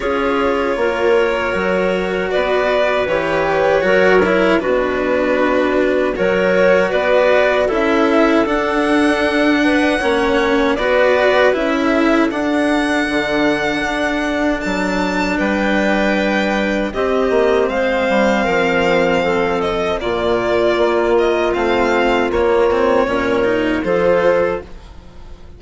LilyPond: <<
  \new Staff \with { instrumentName = "violin" } { \time 4/4 \tempo 4 = 78 cis''2. d''4 | cis''2 b'2 | cis''4 d''4 e''4 fis''4~ | fis''2 d''4 e''4 |
fis''2. a''4 | g''2 dis''4 f''4~ | f''4. dis''8 d''4. dis''8 | f''4 cis''2 c''4 | }
  \new Staff \with { instrumentName = "clarinet" } { \time 4/4 gis'4 ais'2 b'4~ | b'4 ais'4 fis'2 | ais'4 b'4 a'2~ | a'8 b'8 cis''4 b'4~ b'16 a'8.~ |
a'1 | b'2 g'4 c''4 | ais'4 a'4 f'2~ | f'2 ais'4 a'4 | }
  \new Staff \with { instrumentName = "cello" } { \time 4/4 f'2 fis'2 | g'4 fis'8 e'8 d'2 | fis'2 e'4 d'4~ | d'4 cis'4 fis'4 e'4 |
d'1~ | d'2 c'2~ | c'2 ais2 | c'4 ais8 c'8 cis'8 dis'8 f'4 | }
  \new Staff \with { instrumentName = "bassoon" } { \time 4/4 cis'4 ais4 fis4 b4 | e4 fis4 b,2 | fis4 b4 cis'4 d'4~ | d'4 ais4 b4 cis'4 |
d'4 d4 d'4 fis4 | g2 c'8 ais8 gis8 g8 | f2 ais,4 ais4 | a4 ais4 ais,4 f4 | }
>>